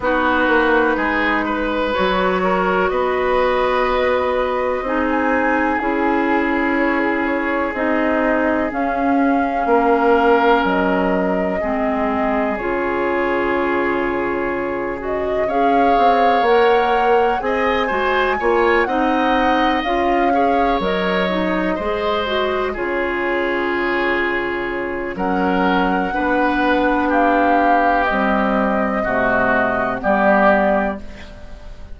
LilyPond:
<<
  \new Staff \with { instrumentName = "flute" } { \time 4/4 \tempo 4 = 62 b'2 cis''4 dis''4~ | dis''4~ dis''16 gis''8. gis'4 cis''16 gis'16 cis''8 | dis''4 f''2 dis''4~ | dis''4 cis''2~ cis''8 dis''8 |
f''4 fis''4 gis''4. fis''8~ | fis''8 f''4 dis''2 cis''8~ | cis''2 fis''2 | f''4 dis''2 d''4 | }
  \new Staff \with { instrumentName = "oboe" } { \time 4/4 fis'4 gis'8 b'4 ais'8 b'4~ | b'4 gis'2.~ | gis'2 ais'2 | gis'1 |
cis''2 dis''8 c''8 cis''8 dis''8~ | dis''4 cis''4. c''4 gis'8~ | gis'2 ais'4 b'4 | g'2 fis'4 g'4 | }
  \new Staff \with { instrumentName = "clarinet" } { \time 4/4 dis'2 fis'2~ | fis'4 dis'4 e'2 | dis'4 cis'2. | c'4 f'2~ f'8 fis'8 |
gis'4 ais'4 gis'8 fis'8 f'8 dis'8~ | dis'8 f'8 gis'8 ais'8 dis'8 gis'8 fis'8 f'8~ | f'2 cis'4 d'4~ | d'4 g4 a4 b4 | }
  \new Staff \with { instrumentName = "bassoon" } { \time 4/4 b8 ais8 gis4 fis4 b4~ | b4 c'4 cis'2 | c'4 cis'4 ais4 fis4 | gis4 cis2. |
cis'8 c'8 ais4 c'8 gis8 ais8 c'8~ | c'8 cis'4 fis4 gis4 cis8~ | cis2 fis4 b4~ | b4 c'4 c4 g4 | }
>>